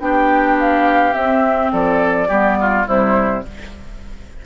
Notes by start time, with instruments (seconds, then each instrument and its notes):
0.00 bassoon B3, clarinet D4, oboe G4, flute G5
0.60 flute F5
1.13 clarinet C4, bassoon C4, flute E5
1.72 bassoon F3, oboe A4, flute D5
2.28 bassoon G3, clarinet B3, oboe G4
2.61 oboe F4
2.86 bassoon C3, clarinet G3, oboe E4, flute C5